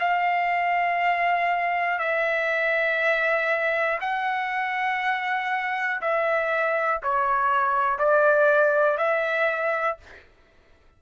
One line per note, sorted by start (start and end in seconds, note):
0.00 1.99 F5
1.99 3.99 E5
4.01 6.01 F#5
6.02 7.02 E5
7.04 7.99 C#5
7.99 8.98 D5
8.98 9.98 E5